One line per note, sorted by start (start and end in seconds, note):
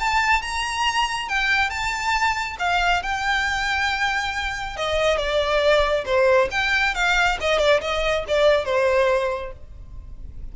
0.00 0.42 A5
0.42 1.29 A#5
1.29 1.70 G5
1.70 2.57 A5
2.59 3.03 F5
3.03 4.77 G5
4.77 5.18 D#5
5.18 6.05 D5
6.05 6.49 C5
6.51 6.94 G5
6.94 7.38 F5
7.41 7.59 D#5
7.59 7.81 D5
7.81 8.25 D#5
8.28 8.65 D5
8.65 9.52 C5